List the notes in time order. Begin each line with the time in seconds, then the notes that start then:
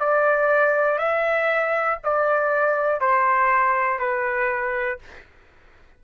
0.00 D5
0.99 E5
2.04 D5
3.00 C5
3.99 B4